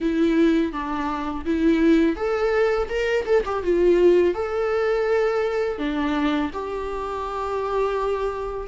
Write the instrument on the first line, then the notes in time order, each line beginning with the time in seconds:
viola
0.00 E4
0.72 D4
1.45 E4
2.16 A4
2.89 A#4
3.25 A4
3.45 G4
3.63 F4
4.34 A4
5.78 D4
6.53 G4